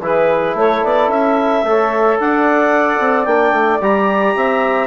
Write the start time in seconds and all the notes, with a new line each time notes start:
0.00 E3 E4 G#4 B4
0.54 A3 A4 C#5
0.84 B3 D5
1.08 C#4 E5
1.63 A3 A4 C#5
2.20 D4 D5 F#5
2.99 C4
3.25 A#3 D4 G5
3.52 A3
3.81 G3 G4 A#5
4.36 C4 E5